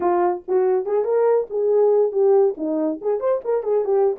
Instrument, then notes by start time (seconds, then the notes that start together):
horn
0.00 F4
0.48 F#4
0.85 G#4
1.04 A#4
1.50 G#4
2.12 G4
2.57 D#4
3.01 G#4
3.19 C5
3.44 A#4
3.63 G#4
3.84 G4